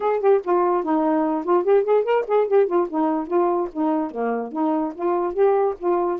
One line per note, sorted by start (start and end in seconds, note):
0.00 0.20 G#4
0.20 0.40 G4
0.43 0.83 F4
0.83 1.44 D#4
1.44 1.64 F4
1.64 1.83 G4
1.83 2.03 G#4
2.03 2.24 A#4
2.27 2.47 G#4
2.47 2.66 G4
2.66 2.87 F4
2.89 3.27 D#4
3.27 3.68 F4
3.72 4.10 D#4
4.10 4.51 A#3
4.52 4.93 D#4
4.94 5.33 F4
5.33 5.74 G4
5.79 6.19 F4